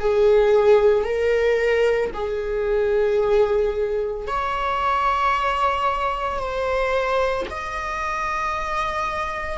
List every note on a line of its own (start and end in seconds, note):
0.00 1.04 G#4
1.04 2.11 A#4
2.13 4.27 G#4
4.27 6.38 C#5
6.38 7.46 C5
7.50 9.58 D#5